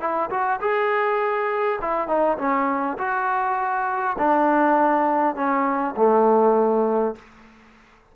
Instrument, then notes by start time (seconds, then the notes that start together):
trombone
0.00 E4
0.30 F#4
0.60 G#4
1.81 E4
2.08 D#4
2.38 C#4
2.98 F#4
4.18 D4
5.35 C#4
5.96 A3